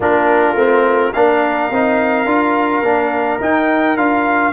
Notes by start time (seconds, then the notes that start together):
0.00 A#3 D4 F4 A#4
0.54 A3 C4
1.12 A#3 D4 A#4 F5
1.71 C4 D#4
2.25 D4 F4
2.82 A#3 D4
3.40 D#4 G5
3.96 D4 F4 F5